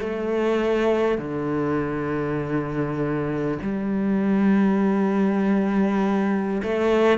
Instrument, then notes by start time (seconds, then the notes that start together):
cello
0.00 A3
1.18 D3
3.62 G3
6.63 A3